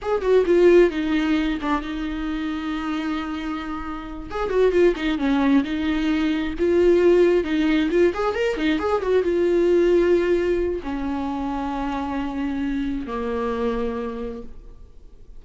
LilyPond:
\new Staff \with { instrumentName = "viola" } { \time 4/4 \tempo 4 = 133 gis'8 fis'8 f'4 dis'4. d'8 | dis'1~ | dis'4. gis'8 fis'8 f'8 dis'8 cis'8~ | cis'8 dis'2 f'4.~ |
f'8 dis'4 f'8 gis'8 ais'8 dis'8 gis'8 | fis'8 f'2.~ f'8 | cis'1~ | cis'4 ais2. | }